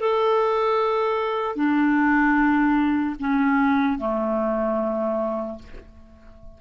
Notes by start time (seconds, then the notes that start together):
0.00 A4
1.56 D4
3.20 C#4
3.99 A3